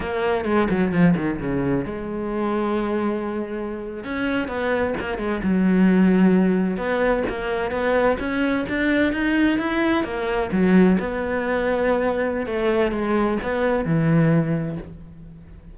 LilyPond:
\new Staff \with { instrumentName = "cello" } { \time 4/4 \tempo 4 = 130 ais4 gis8 fis8 f8 dis8 cis4 | gis1~ | gis8. cis'4 b4 ais8 gis8 fis16~ | fis2~ fis8. b4 ais16~ |
ais8. b4 cis'4 d'4 dis'16~ | dis'8. e'4 ais4 fis4 b16~ | b2. a4 | gis4 b4 e2 | }